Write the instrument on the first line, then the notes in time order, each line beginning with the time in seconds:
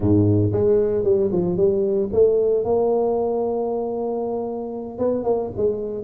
tuba
0.00 G#2
0.52 G#3
1.04 G3
1.32 F3
1.56 G3
2.12 A3
2.64 A#3
4.98 B3
5.23 A#3
5.56 G#3